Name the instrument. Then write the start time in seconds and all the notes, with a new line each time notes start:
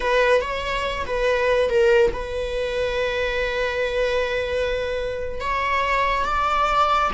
viola
0.00 B4
0.41 C#5
1.06 B4
1.69 A#4
2.13 B4
5.40 C#5
6.25 D5